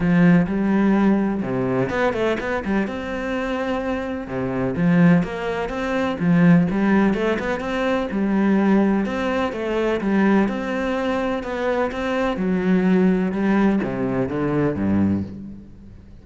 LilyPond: \new Staff \with { instrumentName = "cello" } { \time 4/4 \tempo 4 = 126 f4 g2 c4 | b8 a8 b8 g8 c'2~ | c'4 c4 f4 ais4 | c'4 f4 g4 a8 b8 |
c'4 g2 c'4 | a4 g4 c'2 | b4 c'4 fis2 | g4 c4 d4 g,4 | }